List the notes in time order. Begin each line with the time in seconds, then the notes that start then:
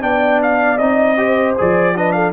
0.00 B3 D4 D5 G5
0.42 F5
0.78 C4 D#4 D#5
1.17 G4 C5
1.57 F3 G#4 D5
1.95 D4 B4 D#5
2.12 A4 F5